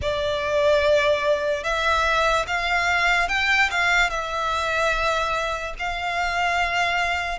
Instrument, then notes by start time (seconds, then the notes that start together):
violin
0.01 D5
1.63 E5
2.47 F5
3.28 G5
3.70 F5
4.10 E5
5.78 F5